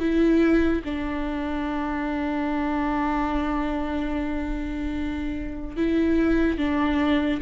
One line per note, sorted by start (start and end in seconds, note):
0.00 0.82 E4
0.84 5.76 D4
5.76 6.58 E4
6.58 7.40 D4